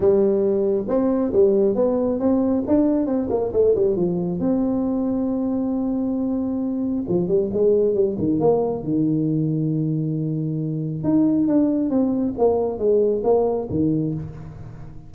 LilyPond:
\new Staff \with { instrumentName = "tuba" } { \time 4/4 \tempo 4 = 136 g2 c'4 g4 | b4 c'4 d'4 c'8 ais8 | a8 g8 f4 c'2~ | c'1 |
f8 g8 gis4 g8 dis8 ais4 | dis1~ | dis4 dis'4 d'4 c'4 | ais4 gis4 ais4 dis4 | }